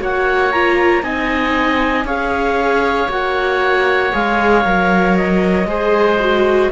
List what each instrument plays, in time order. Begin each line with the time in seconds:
0.00 cello A#3, viola F#4, oboe C#5, clarinet F#5
0.52 viola F4, clarinet A#5
1.03 cello C4, viola D#4, oboe D#5, clarinet G#5
2.05 cello C#4, viola G#4, oboe C#5, clarinet F5
3.09 cello A#3, viola F#4, clarinet F#5
4.13 cello G#3, viola G#4, clarinet F5
4.65 cello F#3, viola A#4
5.17 clarinet D#5
5.66 cello G#3, viola G#4, oboe C5
6.20 viola F#4